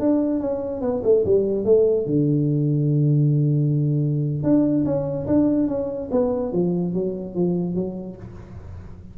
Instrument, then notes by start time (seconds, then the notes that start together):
tuba
0.00 D4
0.40 C#4
0.82 B3
1.04 A3
1.25 G3
1.65 A3
2.07 D3
4.44 D4
4.85 C#4
5.27 D4
5.68 C#4
6.11 B3
6.53 F3
6.94 F#3
7.35 F3
7.75 F#3